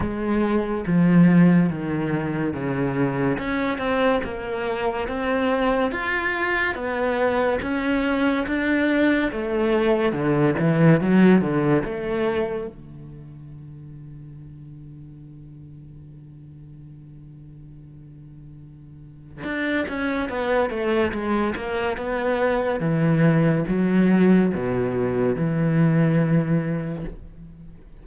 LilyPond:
\new Staff \with { instrumentName = "cello" } { \time 4/4 \tempo 4 = 71 gis4 f4 dis4 cis4 | cis'8 c'8 ais4 c'4 f'4 | b4 cis'4 d'4 a4 | d8 e8 fis8 d8 a4 d4~ |
d1~ | d2. d'8 cis'8 | b8 a8 gis8 ais8 b4 e4 | fis4 b,4 e2 | }